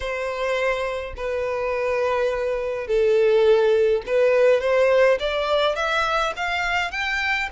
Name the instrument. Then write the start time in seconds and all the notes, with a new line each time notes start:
violin
0.00 C5
1.16 B4
2.87 A4
4.06 B4
4.60 C5
5.19 D5
5.75 E5
6.36 F5
6.91 G5